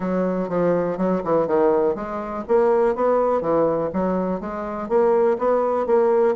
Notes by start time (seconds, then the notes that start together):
0.00 F#3
0.48 F3
0.97 F#3
1.24 E3
1.47 D#3
1.95 G#3
2.47 A#3
2.95 B3
3.41 E3
3.93 F#3
4.40 G#3
4.88 A#3
5.38 B3
5.86 A#3